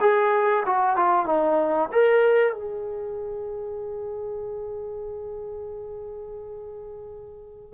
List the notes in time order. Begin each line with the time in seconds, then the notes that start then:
0.00 G#4
0.65 F#4
0.96 F4
1.25 D#4
1.92 A#4
2.53 G#4